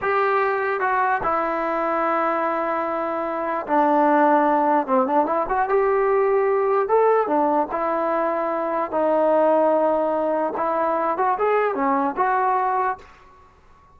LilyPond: \new Staff \with { instrumentName = "trombone" } { \time 4/4 \tempo 4 = 148 g'2 fis'4 e'4~ | e'1~ | e'4 d'2. | c'8 d'8 e'8 fis'8 g'2~ |
g'4 a'4 d'4 e'4~ | e'2 dis'2~ | dis'2 e'4. fis'8 | gis'4 cis'4 fis'2 | }